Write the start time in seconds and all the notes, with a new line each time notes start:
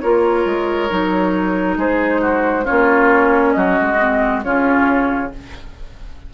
0.00 A#3 F4 A#4 C#5
0.45 G#3
0.89 F#3 D#4
1.77 G#3 G#4 C5
2.21 F#4
2.64 C#4 F4 C#5
2.70 A#3
3.52 F#3 F#4 D#5
3.81 G#3
3.99 C4
4.43 C#3 C#4 F4 C#5